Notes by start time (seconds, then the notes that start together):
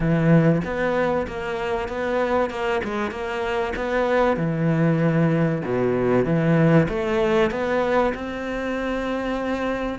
0.00 E3
0.64 B3
1.27 A#3
1.88 B3
2.50 A#3
2.84 G#3
3.11 A#3
3.76 B3
4.36 E3
5.64 B2
6.25 E3
6.88 A3
7.50 B3
8.14 C4